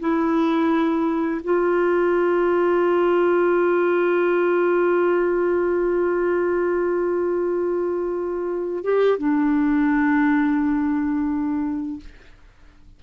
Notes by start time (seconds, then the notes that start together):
0.00 E4
1.44 F4
8.84 G4
9.18 D4